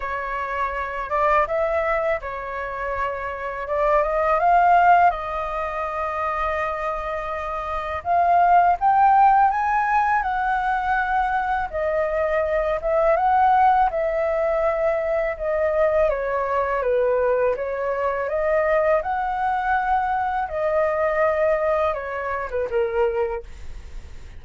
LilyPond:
\new Staff \with { instrumentName = "flute" } { \time 4/4 \tempo 4 = 82 cis''4. d''8 e''4 cis''4~ | cis''4 d''8 dis''8 f''4 dis''4~ | dis''2. f''4 | g''4 gis''4 fis''2 |
dis''4. e''8 fis''4 e''4~ | e''4 dis''4 cis''4 b'4 | cis''4 dis''4 fis''2 | dis''2 cis''8. b'16 ais'4 | }